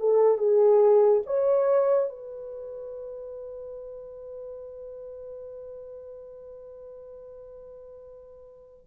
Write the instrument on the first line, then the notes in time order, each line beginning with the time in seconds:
horn
0.00 A4
0.38 G#4
1.26 C#5
2.10 B4